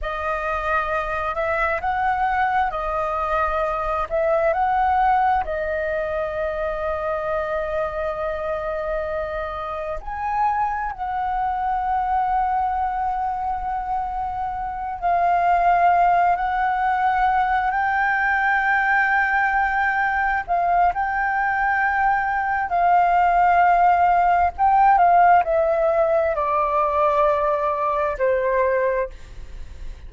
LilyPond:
\new Staff \with { instrumentName = "flute" } { \time 4/4 \tempo 4 = 66 dis''4. e''8 fis''4 dis''4~ | dis''8 e''8 fis''4 dis''2~ | dis''2. gis''4 | fis''1~ |
fis''8 f''4. fis''4. g''8~ | g''2~ g''8 f''8 g''4~ | g''4 f''2 g''8 f''8 | e''4 d''2 c''4 | }